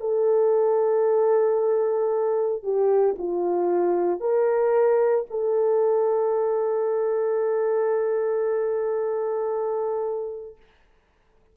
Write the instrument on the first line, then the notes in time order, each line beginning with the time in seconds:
horn
0.00 A4
2.63 G4
3.18 F4
4.20 A#4
5.30 A4